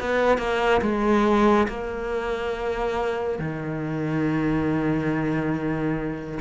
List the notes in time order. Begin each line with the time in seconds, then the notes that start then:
0.00 B3
0.38 A#3
0.81 G#3
1.68 A#3
3.39 D#3